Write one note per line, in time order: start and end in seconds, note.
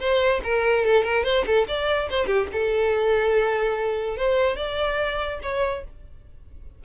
0.00 0.42 C5
0.44 0.85 A#4
0.85 1.04 A4
1.04 1.24 A#4
1.24 1.45 C5
1.47 1.67 A4
1.68 2.09 D5
2.10 2.27 C5
2.27 2.48 G4
2.53 4.17 A4
4.17 4.57 C5
4.57 5.40 D5
5.43 5.85 C#5